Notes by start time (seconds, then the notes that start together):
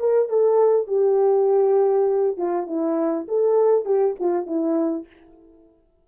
0.00 A#4
0.29 A4
0.88 G4
2.38 F4
2.67 E4
3.29 A4
3.86 G4
4.20 F4
4.47 E4